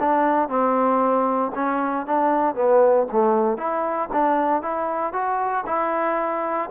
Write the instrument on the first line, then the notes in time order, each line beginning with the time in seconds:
trombone
0.00 D4
0.48 C4
1.55 C#4
2.06 D4
2.55 B3
3.12 A3
3.57 E4
4.13 D4
4.62 E4
5.13 F#4
5.66 E4